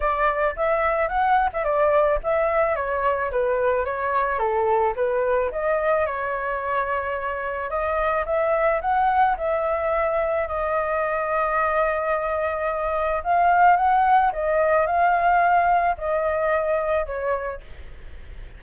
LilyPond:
\new Staff \with { instrumentName = "flute" } { \time 4/4 \tempo 4 = 109 d''4 e''4 fis''8. e''16 d''4 | e''4 cis''4 b'4 cis''4 | a'4 b'4 dis''4 cis''4~ | cis''2 dis''4 e''4 |
fis''4 e''2 dis''4~ | dis''1 | f''4 fis''4 dis''4 f''4~ | f''4 dis''2 cis''4 | }